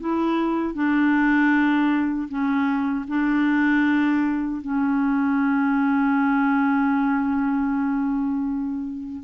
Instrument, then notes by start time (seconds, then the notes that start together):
clarinet
0.00 E4
0.74 D4
2.28 C#4
3.08 D4
4.62 C#4